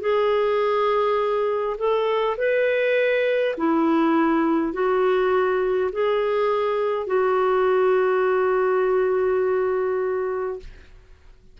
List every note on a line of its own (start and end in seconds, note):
0.00 1.76 G#4
1.78 2.36 A4
2.37 3.55 B4
3.57 4.73 E4
4.73 5.90 F#4
5.92 7.06 G#4
7.06 10.59 F#4